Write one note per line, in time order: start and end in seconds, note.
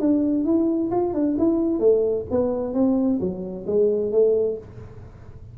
0.00 0.45 D4
0.45 0.91 E4
0.91 1.14 F4
1.14 1.37 D4
1.38 1.80 E4
1.80 2.25 A3
2.31 2.74 B3
2.74 3.20 C4
3.20 3.66 F#3
3.67 4.12 G#3
4.12 4.58 A3